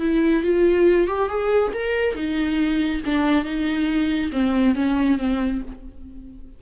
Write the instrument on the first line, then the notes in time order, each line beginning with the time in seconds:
viola
0.00 E4
0.43 F4
1.08 G4
1.29 G#4
1.74 A#4
2.15 D#4
3.06 D4
3.45 D#4
4.32 C4
4.75 C#4
5.18 C4